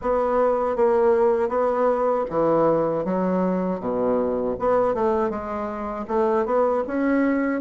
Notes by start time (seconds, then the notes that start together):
0.01 B3
0.76 A#3
1.48 B3
2.30 E3
3.04 F#3
3.80 B2
4.59 B3
4.94 A3
5.30 G#3
6.07 A3
6.45 B3
6.87 C#4